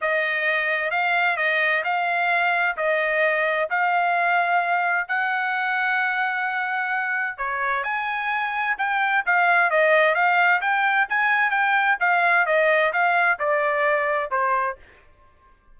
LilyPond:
\new Staff \with { instrumentName = "trumpet" } { \time 4/4 \tempo 4 = 130 dis''2 f''4 dis''4 | f''2 dis''2 | f''2. fis''4~ | fis''1 |
cis''4 gis''2 g''4 | f''4 dis''4 f''4 g''4 | gis''4 g''4 f''4 dis''4 | f''4 d''2 c''4 | }